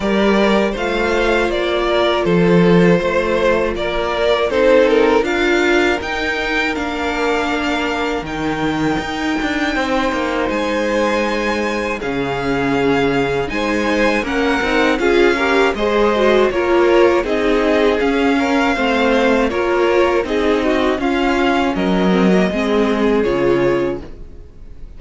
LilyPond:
<<
  \new Staff \with { instrumentName = "violin" } { \time 4/4 \tempo 4 = 80 d''4 f''4 d''4 c''4~ | c''4 d''4 c''8 ais'8 f''4 | g''4 f''2 g''4~ | g''2 gis''2 |
f''2 gis''4 fis''4 | f''4 dis''4 cis''4 dis''4 | f''2 cis''4 dis''4 | f''4 dis''2 cis''4 | }
  \new Staff \with { instrumentName = "violin" } { \time 4/4 ais'4 c''4. ais'8 a'4 | c''4 ais'4 a'4 ais'4~ | ais'1~ | ais'4 c''2. |
gis'2 c''4 ais'4 | gis'8 ais'8 c''4 ais'4 gis'4~ | gis'8 ais'8 c''4 ais'4 gis'8 fis'8 | f'4 ais'4 gis'2 | }
  \new Staff \with { instrumentName = "viola" } { \time 4/4 g'4 f'2.~ | f'2 dis'4 f'4 | dis'4 d'2 dis'4~ | dis'1 |
cis'2 dis'4 cis'8 dis'8 | f'8 g'8 gis'8 fis'8 f'4 dis'4 | cis'4 c'4 f'4 dis'4 | cis'4. c'16 ais16 c'4 f'4 | }
  \new Staff \with { instrumentName = "cello" } { \time 4/4 g4 a4 ais4 f4 | a4 ais4 c'4 d'4 | dis'4 ais2 dis4 | dis'8 d'8 c'8 ais8 gis2 |
cis2 gis4 ais8 c'8 | cis'4 gis4 ais4 c'4 | cis'4 a4 ais4 c'4 | cis'4 fis4 gis4 cis4 | }
>>